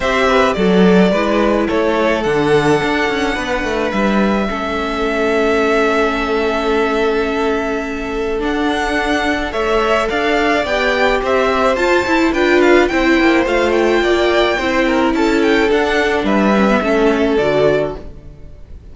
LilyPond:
<<
  \new Staff \with { instrumentName = "violin" } { \time 4/4 \tempo 4 = 107 e''4 d''2 cis''4 | fis''2. e''4~ | e''1~ | e''2. fis''4~ |
fis''4 e''4 f''4 g''4 | e''4 a''4 g''8 f''8 g''4 | f''8 g''2~ g''8 a''8 g''8 | fis''4 e''2 d''4 | }
  \new Staff \with { instrumentName = "violin" } { \time 4/4 c''8 b'8 a'4 b'4 a'4~ | a'2 b'2 | a'1~ | a'1~ |
a'4 cis''4 d''2 | c''2 b'4 c''4~ | c''4 d''4 c''8 ais'8 a'4~ | a'4 b'4 a'2 | }
  \new Staff \with { instrumentName = "viola" } { \time 4/4 g'4 fis'4 e'2 | d'1 | cis'1~ | cis'2. d'4~ |
d'4 a'2 g'4~ | g'4 f'8 e'8 f'4 e'4 | f'2 e'2 | d'4. cis'16 b16 cis'4 fis'4 | }
  \new Staff \with { instrumentName = "cello" } { \time 4/4 c'4 fis4 gis4 a4 | d4 d'8 cis'8 b8 a8 g4 | a1~ | a2. d'4~ |
d'4 a4 d'4 b4 | c'4 f'8 e'8 d'4 c'8 ais8 | a4 ais4 c'4 cis'4 | d'4 g4 a4 d4 | }
>>